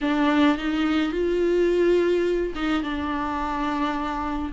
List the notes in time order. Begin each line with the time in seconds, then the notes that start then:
0.01 D4
0.57 D#4
1.11 F4
2.55 D#4
2.82 D4